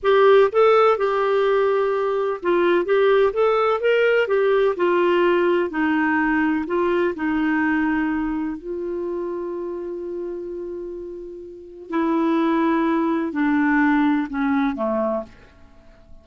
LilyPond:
\new Staff \with { instrumentName = "clarinet" } { \time 4/4 \tempo 4 = 126 g'4 a'4 g'2~ | g'4 f'4 g'4 a'4 | ais'4 g'4 f'2 | dis'2 f'4 dis'4~ |
dis'2 f'2~ | f'1~ | f'4 e'2. | d'2 cis'4 a4 | }